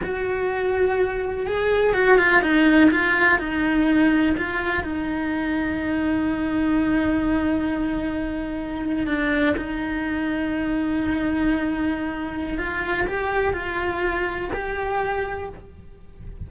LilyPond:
\new Staff \with { instrumentName = "cello" } { \time 4/4 \tempo 4 = 124 fis'2. gis'4 | fis'8 f'8 dis'4 f'4 dis'4~ | dis'4 f'4 dis'2~ | dis'1~ |
dis'2~ dis'8. d'4 dis'16~ | dis'1~ | dis'2 f'4 g'4 | f'2 g'2 | }